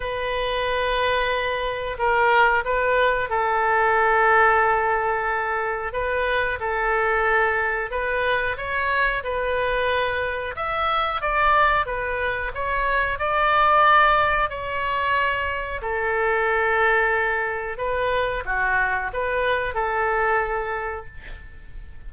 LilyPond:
\new Staff \with { instrumentName = "oboe" } { \time 4/4 \tempo 4 = 91 b'2. ais'4 | b'4 a'2.~ | a'4 b'4 a'2 | b'4 cis''4 b'2 |
e''4 d''4 b'4 cis''4 | d''2 cis''2 | a'2. b'4 | fis'4 b'4 a'2 | }